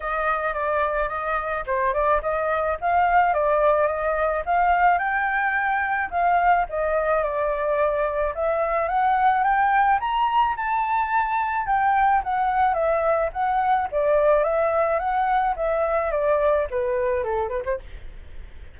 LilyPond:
\new Staff \with { instrumentName = "flute" } { \time 4/4 \tempo 4 = 108 dis''4 d''4 dis''4 c''8 d''8 | dis''4 f''4 d''4 dis''4 | f''4 g''2 f''4 | dis''4 d''2 e''4 |
fis''4 g''4 ais''4 a''4~ | a''4 g''4 fis''4 e''4 | fis''4 d''4 e''4 fis''4 | e''4 d''4 b'4 a'8 b'16 c''16 | }